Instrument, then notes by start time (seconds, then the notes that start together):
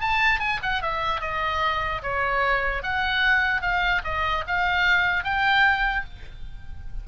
oboe
0.00 A5
0.39 G#5
0.62 F#5
0.82 E5
1.21 D#5
2.02 C#5
2.82 F#5
3.61 F5
4.04 D#5
4.47 F5
5.24 G5